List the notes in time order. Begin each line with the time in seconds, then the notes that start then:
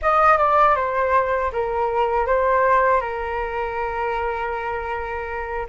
0.02 D#5
0.37 D5
0.75 C5
1.52 A#4
2.26 C5
3.00 A#4